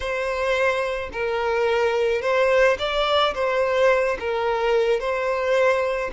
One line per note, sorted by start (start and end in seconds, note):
0.00 1.10 C5
1.12 2.21 A#4
2.21 2.77 C5
2.78 3.34 D5
3.34 4.17 C5
4.19 4.99 A#4
4.99 6.11 C5